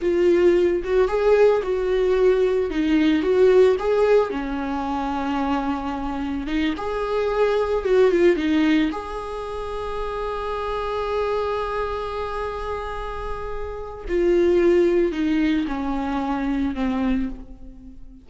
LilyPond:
\new Staff \with { instrumentName = "viola" } { \time 4/4 \tempo 4 = 111 f'4. fis'8 gis'4 fis'4~ | fis'4 dis'4 fis'4 gis'4 | cis'1 | dis'8 gis'2 fis'8 f'8 dis'8~ |
dis'8 gis'2.~ gis'8~ | gis'1~ | gis'2 f'2 | dis'4 cis'2 c'4 | }